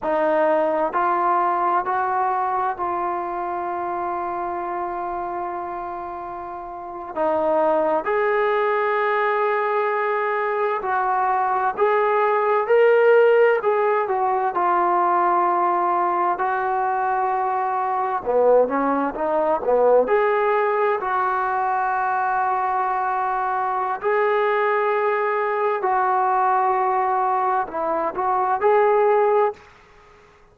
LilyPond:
\new Staff \with { instrumentName = "trombone" } { \time 4/4 \tempo 4 = 65 dis'4 f'4 fis'4 f'4~ | f'2.~ f'8. dis'16~ | dis'8. gis'2. fis'16~ | fis'8. gis'4 ais'4 gis'8 fis'8 f'16~ |
f'4.~ f'16 fis'2 b16~ | b16 cis'8 dis'8 b8 gis'4 fis'4~ fis'16~ | fis'2 gis'2 | fis'2 e'8 fis'8 gis'4 | }